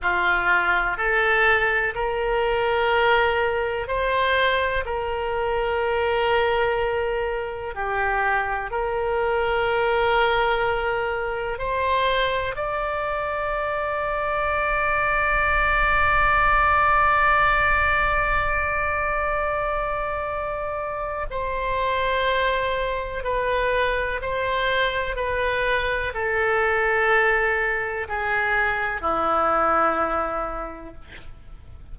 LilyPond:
\new Staff \with { instrumentName = "oboe" } { \time 4/4 \tempo 4 = 62 f'4 a'4 ais'2 | c''4 ais'2. | g'4 ais'2. | c''4 d''2.~ |
d''1~ | d''2 c''2 | b'4 c''4 b'4 a'4~ | a'4 gis'4 e'2 | }